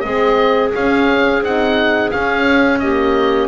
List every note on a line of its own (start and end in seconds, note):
0.00 0.73 G#3
0.00 0.72 C4
0.00 2.79 G#4
0.00 0.69 D#5
0.74 1.43 C#4
0.74 1.42 C#4
0.74 1.44 F5
1.42 2.11 C4
1.42 2.11 D#4
1.42 2.11 F#5
2.11 2.81 C#4
2.11 3.48 C#4
2.11 2.79 F5
2.79 3.48 A#3
2.79 3.48 G4
2.79 3.48 D#5